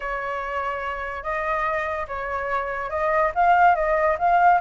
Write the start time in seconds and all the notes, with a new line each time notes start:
0.00 C#5
1.23 D#5
2.07 C#5
2.89 D#5
3.34 F5
3.75 D#5
4.18 F5